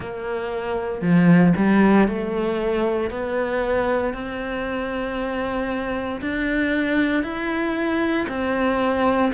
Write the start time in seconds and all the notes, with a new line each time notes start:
0.00 A#3
1.01 F3
1.56 G3
2.08 A3
3.10 B3
4.13 C4
6.21 D4
7.23 E4
8.28 C4